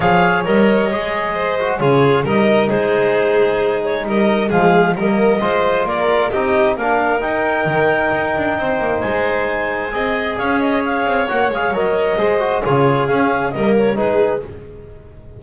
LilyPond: <<
  \new Staff \with { instrumentName = "clarinet" } { \time 4/4 \tempo 4 = 133 f''4 dis''2. | cis''4 dis''4 c''2~ | c''8 cis''8 dis''4 f''4 dis''4~ | dis''4 d''4 dis''4 f''4 |
g''1 | gis''2. f''8 dis''8 | f''4 fis''8 f''8 dis''2 | cis''4 f''4 dis''8 cis''8 b'4 | }
  \new Staff \with { instrumentName = "violin" } { \time 4/4 cis''2. c''4 | gis'4 ais'4 gis'2~ | gis'4 ais'4 gis'4 ais'4 | c''4 ais'4 g'4 ais'4~ |
ais'2. c''4~ | c''2 dis''4 cis''4~ | cis''2. c''4 | gis'2 ais'4 gis'4 | }
  \new Staff \with { instrumentName = "trombone" } { \time 4/4 gis'4 ais'4 gis'4. fis'8 | f'4 dis'2.~ | dis'2 gis4 ais4 | f'2 dis'4 d'4 |
dis'1~ | dis'2 gis'2~ | gis'4 fis'8 gis'8 ais'4 gis'8 fis'8 | f'4 cis'4 ais4 dis'4 | }
  \new Staff \with { instrumentName = "double bass" } { \time 4/4 f4 g4 gis2 | cis4 g4 gis2~ | gis4 g4 f4 g4 | gis4 ais4 c'4 ais4 |
dis'4 dis4 dis'8 d'8 c'8 ais8 | gis2 c'4 cis'4~ | cis'8 c'8 ais8 gis8 fis4 gis4 | cis4 cis'4 g4 gis4 | }
>>